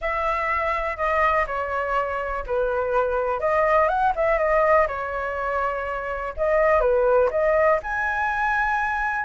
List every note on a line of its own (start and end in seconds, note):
0.01 0.96 E5
0.96 1.45 D#5
1.47 2.44 C#5
2.46 3.40 B4
3.40 3.88 D#5
3.88 4.12 F#5
4.15 4.38 E5
4.38 4.87 D#5
4.87 6.33 C#5
6.36 6.80 D#5
6.80 7.29 B4
7.31 7.79 D#5
7.82 9.25 G#5